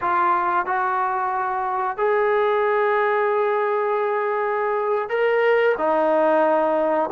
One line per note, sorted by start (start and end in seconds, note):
0.01 0.66 F4
0.66 1.97 F#4
1.97 5.09 G#4
5.09 5.75 A#4
5.78 7.10 D#4